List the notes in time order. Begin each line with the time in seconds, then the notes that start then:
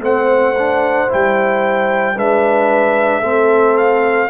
0.00 A3 C4 C5 F#5
0.58 D4
1.09 G3 E4 G5
2.16 G#3 D4 B4 E5
3.20 A3 C4 A4
3.77 F5